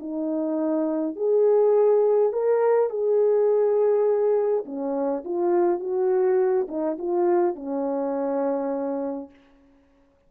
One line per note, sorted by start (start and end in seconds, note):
0.00 1.16 D#4
1.16 2.33 G#4
2.33 2.90 A#4
2.90 4.65 G#4
4.66 5.24 C#4
5.25 5.80 F4
5.80 6.68 F#4
6.69 6.98 D#4
6.99 7.56 F4
7.56 9.30 C#4